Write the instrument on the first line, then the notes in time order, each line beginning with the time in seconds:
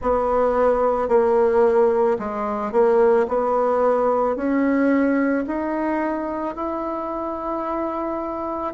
bassoon
0.01 B3
1.08 A#3
2.18 G#3
2.72 A#3
3.27 B3
4.35 C#4
5.46 D#4
6.55 E4